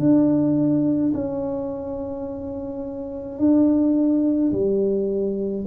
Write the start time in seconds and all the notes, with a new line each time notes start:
0.00 D4
1.14 C#4
3.39 D4
4.52 G3